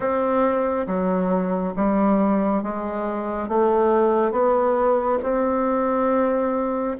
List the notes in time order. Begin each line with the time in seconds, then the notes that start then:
0.00 C4
0.87 F#3
1.76 G3
2.62 G#3
3.48 A3
4.31 B3
5.23 C4